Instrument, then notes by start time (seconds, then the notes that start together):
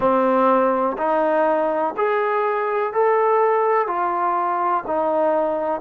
trombone
0.00 C4
0.97 D#4
1.97 G#4
2.93 A4
3.87 F4
4.87 D#4